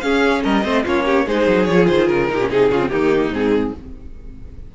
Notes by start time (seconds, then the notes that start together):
0.00 C#4 G#4 F5
0.43 G3 A#4 D#5
0.63 A3 C4 C5
0.83 A#3 C#4 F4 C#5
1.05 G4
1.26 G#3 D#4 G#4 C5
1.47 F#3
1.65 F3 F4 C#5
1.87 D#3 C5
2.07 C#3 A#4
2.29 A#2 D#4 G4
2.40 C#4
2.49 C3 D#4 G#4
2.70 C#3 C#4 F4
2.79 C4
2.89 D#3 A#3 D#4 G4
3.30 G#2 C4 G#4